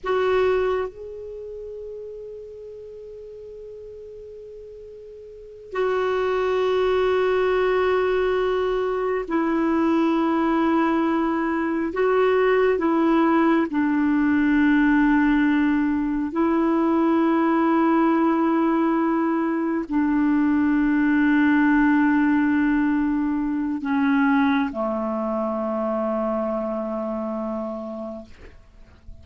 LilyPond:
\new Staff \with { instrumentName = "clarinet" } { \time 4/4 \tempo 4 = 68 fis'4 gis'2.~ | gis'2~ gis'8 fis'4.~ | fis'2~ fis'8 e'4.~ | e'4. fis'4 e'4 d'8~ |
d'2~ d'8 e'4.~ | e'2~ e'8 d'4.~ | d'2. cis'4 | a1 | }